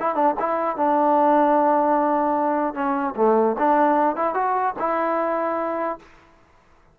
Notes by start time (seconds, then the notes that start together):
0.00 E4
0.15 D4
0.40 E4
0.77 D4
2.75 C#4
3.17 A3
3.59 D4
4.16 E4
4.35 F#4
4.79 E4